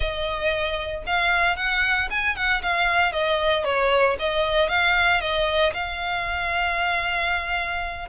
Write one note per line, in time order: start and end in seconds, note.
0.00 1.03 D#5
1.06 1.56 F5
1.56 2.08 F#5
2.10 2.35 G#5
2.35 2.62 F#5
2.62 3.12 F5
3.12 3.64 D#5
3.64 4.16 C#5
4.19 4.68 D#5
4.68 5.20 F5
5.20 5.72 D#5
5.73 8.08 F5